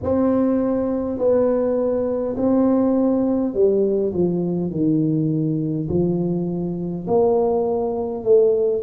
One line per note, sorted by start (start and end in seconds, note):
0.02 1.18 C4
1.18 2.35 B3
2.36 3.53 C4
3.53 4.12 G3
4.13 4.71 F3
4.71 5.88 D#3
5.88 7.06 F3
7.07 8.23 A#3
8.23 8.82 A3